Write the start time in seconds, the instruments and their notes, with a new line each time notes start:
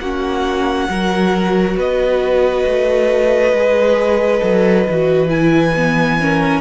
0.00 cello A#3, viola C#4, violin F#4 F#5
0.89 cello F#3, viola F#4, violin A#4
1.76 cello B3, violin B4 D#5
2.65 cello A3
3.52 cello G#3, viola G#4
4.41 cello F#3, viola A4
4.89 cello E3, viola F#4
5.28 viola E4, violin G#5
5.76 viola B3
6.21 viola C#4, violin A#4